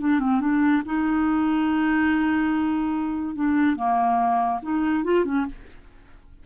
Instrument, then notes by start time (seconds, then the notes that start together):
clarinet
0.00 D4
0.19 C4
0.41 D4
0.85 D#4
3.35 D4
3.76 A#3
4.62 D#4
5.04 F4
5.25 C#4